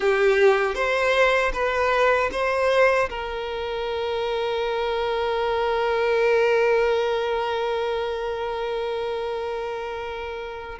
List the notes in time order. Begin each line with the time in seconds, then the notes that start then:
0.00 G4
0.74 C5
1.53 B4
2.32 C5
3.09 A#4